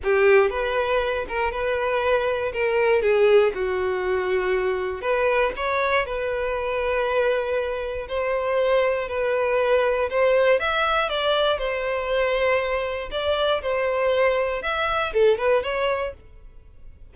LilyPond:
\new Staff \with { instrumentName = "violin" } { \time 4/4 \tempo 4 = 119 g'4 b'4. ais'8 b'4~ | b'4 ais'4 gis'4 fis'4~ | fis'2 b'4 cis''4 | b'1 |
c''2 b'2 | c''4 e''4 d''4 c''4~ | c''2 d''4 c''4~ | c''4 e''4 a'8 b'8 cis''4 | }